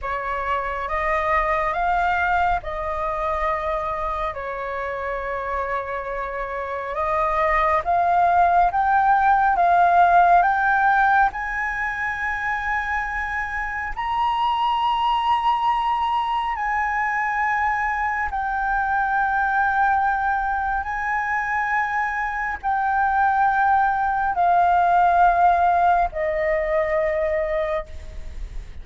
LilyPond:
\new Staff \with { instrumentName = "flute" } { \time 4/4 \tempo 4 = 69 cis''4 dis''4 f''4 dis''4~ | dis''4 cis''2. | dis''4 f''4 g''4 f''4 | g''4 gis''2. |
ais''2. gis''4~ | gis''4 g''2. | gis''2 g''2 | f''2 dis''2 | }